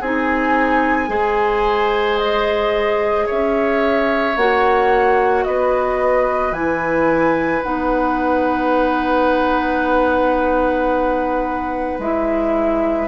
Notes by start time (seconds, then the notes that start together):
0.00 C4 D#4 G#4 G#5
1.07 G#3 G#4 C5
2.18 D#5
3.26 C#4 C#5 E5
4.36 A#3 F#4 F#5
5.44 B3 B4 D#5
6.51 E3 E4 G#5
7.62 B3 D#4 F#5
11.98 G#3 E4 E5